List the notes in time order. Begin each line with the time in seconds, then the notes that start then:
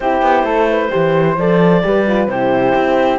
0.00 C4 E4 G4 C5
0.22 B3
0.43 A3 A4
0.69 B4
0.90 E3 G4 C5
1.37 F3 A4 D5
1.83 G3 G4 B4
2.07 F4
2.27 C3 E4 G4 C5
2.74 C4